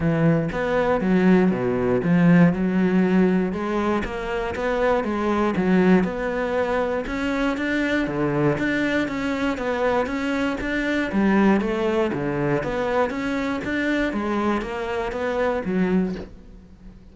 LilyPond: \new Staff \with { instrumentName = "cello" } { \time 4/4 \tempo 4 = 119 e4 b4 fis4 b,4 | f4 fis2 gis4 | ais4 b4 gis4 fis4 | b2 cis'4 d'4 |
d4 d'4 cis'4 b4 | cis'4 d'4 g4 a4 | d4 b4 cis'4 d'4 | gis4 ais4 b4 fis4 | }